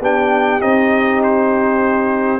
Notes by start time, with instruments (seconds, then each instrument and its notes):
0.00 tuba B3, trombone D4, horn G4, trumpet G5
0.60 tuba C4, trombone D#4, trumpet D#5
1.23 trumpet C5